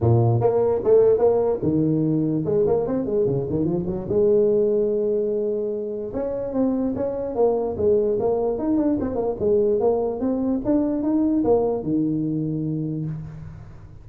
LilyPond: \new Staff \with { instrumentName = "tuba" } { \time 4/4 \tempo 4 = 147 ais,4 ais4 a4 ais4 | dis2 gis8 ais8 c'8 gis8 | cis8 dis8 f8 fis8 gis2~ | gis2. cis'4 |
c'4 cis'4 ais4 gis4 | ais4 dis'8 d'8 c'8 ais8 gis4 | ais4 c'4 d'4 dis'4 | ais4 dis2. | }